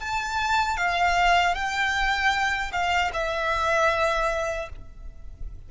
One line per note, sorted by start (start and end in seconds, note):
0.00 0.78 A5
0.78 1.55 F5
1.55 2.72 G5
2.72 3.11 F5
3.13 4.69 E5